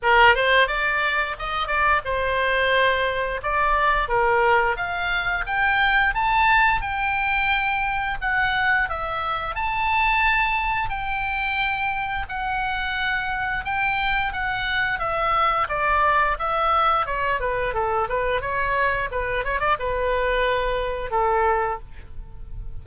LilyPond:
\new Staff \with { instrumentName = "oboe" } { \time 4/4 \tempo 4 = 88 ais'8 c''8 d''4 dis''8 d''8 c''4~ | c''4 d''4 ais'4 f''4 | g''4 a''4 g''2 | fis''4 e''4 a''2 |
g''2 fis''2 | g''4 fis''4 e''4 d''4 | e''4 cis''8 b'8 a'8 b'8 cis''4 | b'8 cis''16 d''16 b'2 a'4 | }